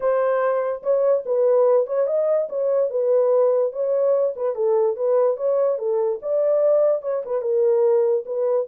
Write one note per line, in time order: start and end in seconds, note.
0.00 0.82 C5
0.82 1.24 C#5
1.25 1.87 B4
1.87 2.06 C#5
2.06 2.48 D#5
2.49 2.90 C#5
2.90 3.72 B4
3.72 4.34 C#5
4.36 4.55 B4
4.55 4.96 A4
4.96 5.36 B4
5.36 5.78 C#5
5.78 6.19 A4
6.22 7.02 D5
7.02 7.22 C#5
7.25 7.41 B4
7.41 8.24 A#4
8.25 8.67 B4